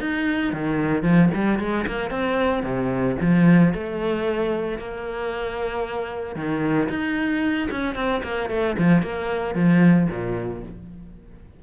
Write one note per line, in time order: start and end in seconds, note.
0.00 0.53 D#4
0.53 1.03 D#3
1.03 1.30 F3
1.34 1.59 G3
1.59 1.86 G#3
1.87 2.11 A#3
2.11 2.63 C4
2.63 3.16 C3
3.21 3.74 F3
3.74 4.79 A3
4.79 6.36 A#3
6.36 6.89 D#3
6.89 7.69 D#4
7.71 7.95 C#4
7.95 8.22 C4
8.23 8.50 A#3
8.50 8.76 A3
8.79 9.02 F3
9.02 9.55 A#3
9.55 10.08 F3
10.10 10.63 A#2